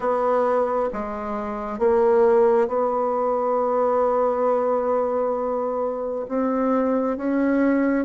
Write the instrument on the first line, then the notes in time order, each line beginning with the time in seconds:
bassoon
0.00 B3
0.92 G#3
1.78 A#3
2.67 B3
6.28 C4
7.17 C#4